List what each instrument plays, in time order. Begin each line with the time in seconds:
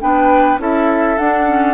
0.00 bassoon B3, clarinet D4, oboe B4, flute G5
0.58 bassoon C#4, clarinet E4, oboe A4, flute E5
1.17 clarinet D4, bassoon D4, flute F#5
1.47 clarinet C#4